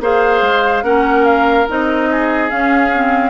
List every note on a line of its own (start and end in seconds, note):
0.00 0.41 A#3
0.00 0.83 G#4
0.00 0.84 C5
0.00 0.83 F5
0.41 0.82 G#3
0.82 1.65 A#3
0.82 1.66 C#4
0.82 2.09 A#4
0.82 1.25 F#5
1.25 1.66 F5
1.68 2.51 C4
1.68 2.50 D#4
1.68 2.49 D#5
2.11 3.30 G#4
2.49 2.92 C#4
2.49 3.30 C#4
2.49 3.30 F5
2.94 3.30 C4